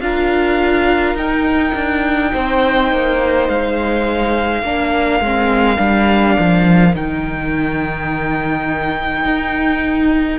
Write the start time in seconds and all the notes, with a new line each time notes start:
0.00 D4 F4 A#4 F5
1.15 D#4 G5
1.74 D4
2.31 C4 C5
2.92 A#3
3.48 G#3 F5
4.62 A#3 D4 A#4
5.20 G#3 C4
5.77 G3 D4
6.38 F3
6.93 D#3 D#4 G5
9.24 D#4